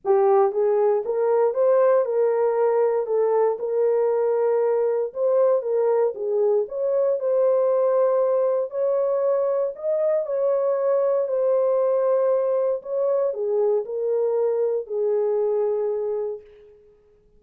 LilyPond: \new Staff \with { instrumentName = "horn" } { \time 4/4 \tempo 4 = 117 g'4 gis'4 ais'4 c''4 | ais'2 a'4 ais'4~ | ais'2 c''4 ais'4 | gis'4 cis''4 c''2~ |
c''4 cis''2 dis''4 | cis''2 c''2~ | c''4 cis''4 gis'4 ais'4~ | ais'4 gis'2. | }